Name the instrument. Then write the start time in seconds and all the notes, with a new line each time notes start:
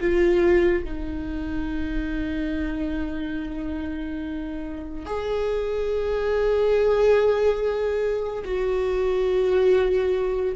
viola
0.00 F4
0.84 D#4
5.06 G#4
8.44 F#4